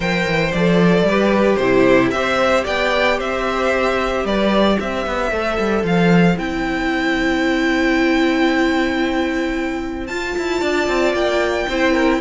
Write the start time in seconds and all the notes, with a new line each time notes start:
0.00 F3 A#4 C5 G5
0.26 E3
0.52 F3 A4 D5
1.02 G3 B4
1.09 G4
1.55 C3 G4 C5
1.62 E4
2.10 C4 G4 C5 E5
2.64 B3 D5 G5
3.17 C4 C5 E5
4.24 G3 B4 D5
4.77 C4 C5 E5
5.06 B3
5.31 A3 A4
5.58 G3
5.83 F3 F5
6.37 C4 E4 G5
10.06 F4 A5
10.37 E4
10.60 D4 D5
10.87 C4
11.13 A#3 G5
11.68 C4 E4 C5
11.92 A#4